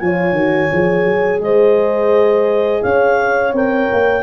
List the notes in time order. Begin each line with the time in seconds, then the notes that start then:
0.00 F3 F4 C#5 G#5
0.32 D#3 F#4
0.73 F3 G#4
1.05 F#3
1.40 G#3 C5 D#5
2.83 C#4 C#5 F5
3.53 C4 A#4 G5
3.93 A#3